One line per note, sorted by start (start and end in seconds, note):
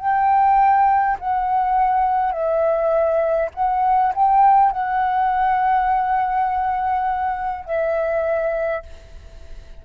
0.00 1.18 G5
1.20 2.33 F#5
2.33 3.50 E5
3.55 4.13 F#5
4.15 4.72 G5
4.72 7.66 F#5
7.66 8.83 E5